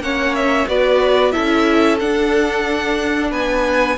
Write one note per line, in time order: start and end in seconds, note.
0.00 0.66 A#3
0.00 0.68 C#4
0.00 0.68 C#5
0.00 0.35 F#5
0.35 0.68 E5
0.68 1.34 B3
0.68 1.32 F#4
0.68 1.34 B4
0.68 1.32 D5
1.32 2.01 C#4
1.32 1.98 E4
1.32 3.31 A4
1.32 1.98 E5
2.00 3.98 D4
2.00 3.32 D4
2.00 3.32 F#5
3.31 3.98 B3
3.31 3.97 B4
3.31 3.98 G#5